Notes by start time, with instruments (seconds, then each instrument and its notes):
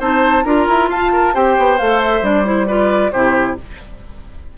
0.00 bassoon C4, clarinet D#4, oboe C5, flute A5
0.45 bassoon D4, clarinet F4, oboe A#4, flute A#5
0.69 bassoon E4
0.90 bassoon F4, oboe F5, flute A5
1.13 oboe A#4
1.34 bassoon C4, clarinet G4, oboe C5, flute G5
1.58 bassoon B3
1.79 bassoon A3, clarinet A4, flute F5
2.03 flute E5
2.22 bassoon G3, clarinet D4, flute D5
2.45 clarinet E4, flute C5
2.68 clarinet F4, oboe B4, flute D5
3.12 bassoon C3, clarinet E4, oboe G4, flute C5